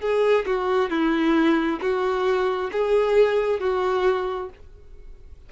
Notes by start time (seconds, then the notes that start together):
0.00 G#4
0.46 F#4
0.90 E4
1.81 F#4
2.72 G#4
3.60 F#4